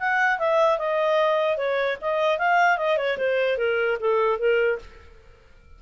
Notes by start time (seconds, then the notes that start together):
0.00 F#5
0.39 E5
0.79 D#5
1.58 C#5
2.02 D#5
2.39 F5
2.78 D#5
2.98 C#5
3.18 C5
3.58 A#4
4.00 A4
4.39 A#4